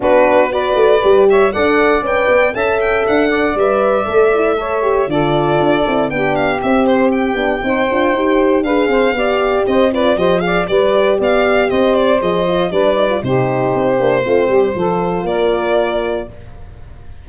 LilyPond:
<<
  \new Staff \with { instrumentName = "violin" } { \time 4/4 \tempo 4 = 118 b'4 d''4. e''8 fis''4 | g''4 a''8 g''8 fis''4 e''4~ | e''2 d''2 | g''8 f''8 e''8 c''8 g''2~ |
g''4 f''2 dis''8 d''8 | dis''8 f''8 d''4 f''4 dis''8 d''8 | dis''4 d''4 c''2~ | c''2 d''2 | }
  \new Staff \with { instrumentName = "saxophone" } { \time 4/4 fis'4 b'4. cis''8 d''4~ | d''4 e''4. d''4.~ | d''4 cis''4 a'2 | g'2. c''4~ |
c''4 b'8 c''8 d''4 c''8 b'8 | c''8 d''8 b'4 d''4 c''4~ | c''4 b'4 g'2 | f'8 g'8 a'4 ais'2 | }
  \new Staff \with { instrumentName = "horn" } { \time 4/4 d'4 fis'4 g'4 a'4 | b'4 a'2 b'4 | a'8 e'8 a'8 g'8 f'4. e'8 | d'4 c'4. d'8 dis'8 f'8 |
g'4 gis'4 g'4. f'8 | g'8 gis'8 g'2. | gis'8 f'8 d'8 dis'16 f'16 dis'4. d'8 | c'4 f'2. | }
  \new Staff \with { instrumentName = "tuba" } { \time 4/4 b4. a8 g4 d'4 | cis'8 b8 cis'4 d'4 g4 | a2 d4 d'8 c'8 | b4 c'4. b8 c'8 d'8 |
dis'4 d'8 c'8 b4 c'4 | f4 g4 b4 c'4 | f4 g4 c4 c'8 ais8 | a8 g8 f4 ais2 | }
>>